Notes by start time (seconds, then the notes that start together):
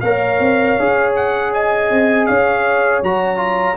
0.00 A#3 A#4 C#5 F5
0.39 C4
0.79 C#4 G#4
1.15 F#5
1.53 D#5 G#5
1.90 C4
2.26 C#4 C#5 F5
3.02 F#3 F#4 A#5
3.36 F4